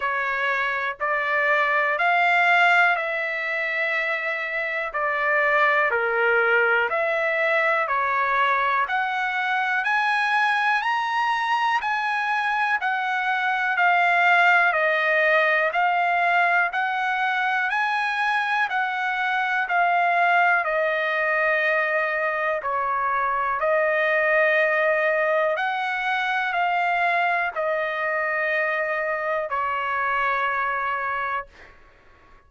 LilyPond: \new Staff \with { instrumentName = "trumpet" } { \time 4/4 \tempo 4 = 61 cis''4 d''4 f''4 e''4~ | e''4 d''4 ais'4 e''4 | cis''4 fis''4 gis''4 ais''4 | gis''4 fis''4 f''4 dis''4 |
f''4 fis''4 gis''4 fis''4 | f''4 dis''2 cis''4 | dis''2 fis''4 f''4 | dis''2 cis''2 | }